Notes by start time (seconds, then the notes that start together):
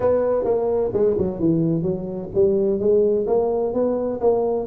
0.00 B3
0.44 A#3
0.93 G#3
1.17 F#3
1.39 E3
1.82 F#3
2.34 G3
2.79 G#3
3.27 A#3
3.73 B3
4.20 A#3